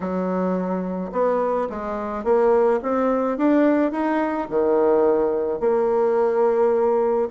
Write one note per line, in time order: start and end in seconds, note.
0.00 1.11 F#3
1.12 1.68 B3
1.69 2.24 G#3
2.24 2.80 A#3
2.82 3.37 C4
3.37 3.91 D4
3.91 4.47 D#4
4.49 5.59 D#3
5.59 7.28 A#3